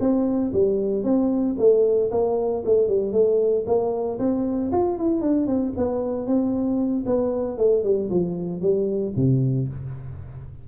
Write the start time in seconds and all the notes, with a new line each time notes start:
0.00 C4
0.53 G3
1.04 C4
1.58 A3
2.11 A#3
2.65 A3
2.88 G3
3.13 A3
3.66 A#3
4.19 C4
4.72 F4
4.98 E4
5.21 D4
5.47 C4
5.77 B3
6.27 C4
7.06 B3
7.57 A3
7.84 G3
8.10 F3
8.61 G3
9.16 C3